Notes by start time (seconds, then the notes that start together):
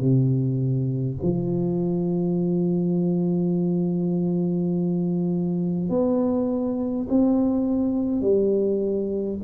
0.00 C3
1.22 F3
5.89 B3
7.09 C4
8.21 G3